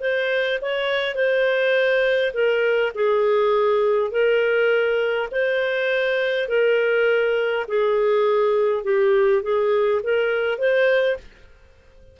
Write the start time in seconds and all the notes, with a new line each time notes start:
0.00 C5
0.61 C#5
1.15 C5
2.33 A#4
2.95 G#4
4.11 A#4
5.31 C5
6.48 A#4
7.68 G#4
8.84 G4
9.43 G#4
10.03 A#4
10.58 C5